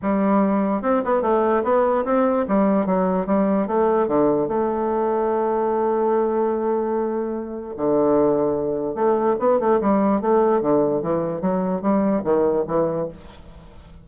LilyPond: \new Staff \with { instrumentName = "bassoon" } { \time 4/4 \tempo 4 = 147 g2 c'8 b8 a4 | b4 c'4 g4 fis4 | g4 a4 d4 a4~ | a1~ |
a2. d4~ | d2 a4 b8 a8 | g4 a4 d4 e4 | fis4 g4 dis4 e4 | }